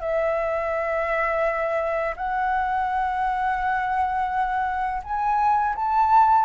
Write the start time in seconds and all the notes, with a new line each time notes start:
0.00 E5
2.16 F#5
5.03 G#5
5.75 A5